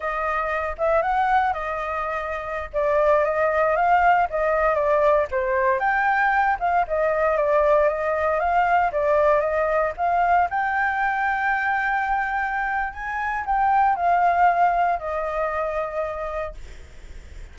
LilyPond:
\new Staff \with { instrumentName = "flute" } { \time 4/4 \tempo 4 = 116 dis''4. e''8 fis''4 dis''4~ | dis''4~ dis''16 d''4 dis''4 f''8.~ | f''16 dis''4 d''4 c''4 g''8.~ | g''8. f''8 dis''4 d''4 dis''8.~ |
dis''16 f''4 d''4 dis''4 f''8.~ | f''16 g''2.~ g''8.~ | g''4 gis''4 g''4 f''4~ | f''4 dis''2. | }